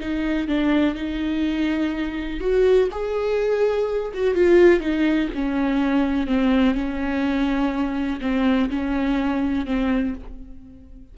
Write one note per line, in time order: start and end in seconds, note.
0.00 0.48 D#4
0.48 0.95 D4
0.95 2.40 D#4
2.40 2.89 F#4
2.91 4.12 G#4
4.14 4.35 F#4
4.35 4.80 F4
4.80 5.29 D#4
5.35 6.27 C#4
6.27 6.75 C4
6.75 8.20 C#4
8.21 8.70 C4
8.70 9.66 C#4
9.66 10.14 C4